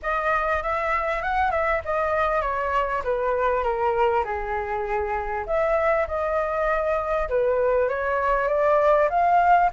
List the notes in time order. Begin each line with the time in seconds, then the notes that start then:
0.02 D#5
0.62 E5
1.22 F#5
1.51 E5
1.85 D#5
2.41 C#5
3.04 B4
3.63 A#4
4.24 G#4
5.46 E5
6.07 D#5
7.29 B4
7.88 C#5
8.48 D5
9.09 F5